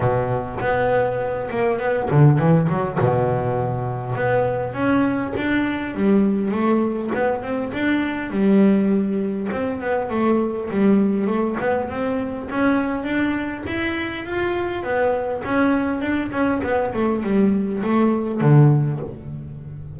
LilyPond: \new Staff \with { instrumentName = "double bass" } { \time 4/4 \tempo 4 = 101 b,4 b4. ais8 b8 d8 | e8 fis8 b,2 b4 | cis'4 d'4 g4 a4 | b8 c'8 d'4 g2 |
c'8 b8 a4 g4 a8 b8 | c'4 cis'4 d'4 e'4 | f'4 b4 cis'4 d'8 cis'8 | b8 a8 g4 a4 d4 | }